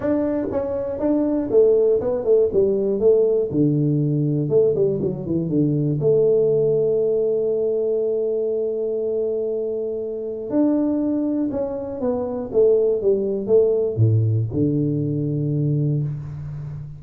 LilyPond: \new Staff \with { instrumentName = "tuba" } { \time 4/4 \tempo 4 = 120 d'4 cis'4 d'4 a4 | b8 a8 g4 a4 d4~ | d4 a8 g8 fis8 e8 d4 | a1~ |
a1~ | a4 d'2 cis'4 | b4 a4 g4 a4 | a,4 d2. | }